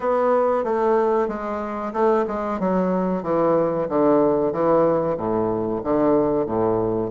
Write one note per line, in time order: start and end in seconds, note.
0.00 0.64 B3
0.64 1.28 A3
1.28 1.92 G#3
1.93 2.25 A3
2.27 2.59 G#3
2.59 3.23 F#3
3.23 3.87 E3
3.89 4.52 D3
4.52 5.16 E3
5.17 5.81 A2
5.83 6.46 D3
6.46 7.10 A2